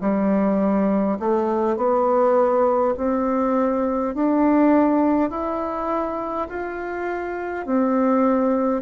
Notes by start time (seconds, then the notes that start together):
0.00 G3
1.19 A3
1.76 B3
2.96 C4
4.14 D4
5.30 E4
6.48 F4
7.65 C4